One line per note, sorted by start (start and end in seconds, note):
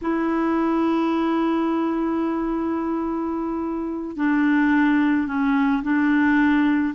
0.01 4.16 E4
4.16 5.27 D4
5.27 5.82 C#4
5.82 6.93 D4